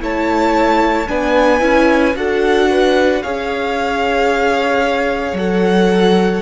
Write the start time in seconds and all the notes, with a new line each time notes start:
0.00 A3 E4 C#5 A5
1.08 B3 D4 B4 G#5
1.60 C#4 E4
2.16 D4 F#4 A4 F#5
2.71 B4
3.23 C#4 G#4 C#5 F5
5.33 F#3 A4 F#5